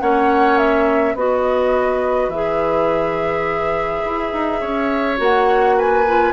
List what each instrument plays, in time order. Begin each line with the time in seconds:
0.00 bassoon A#3, clarinet C#4, oboe C#5, flute F#5
0.58 flute E5
1.14 bassoon B3, clarinet F#4, oboe B4, flute D#5
2.28 bassoon E3, clarinet G#4, flute E5
4.05 bassoon E4
4.32 bassoon D#4
4.60 bassoon C#4, oboe C#5
5.17 bassoon A#3, clarinet F#4, flute F#5
5.77 oboe B4, flute G#5
6.07 clarinet F4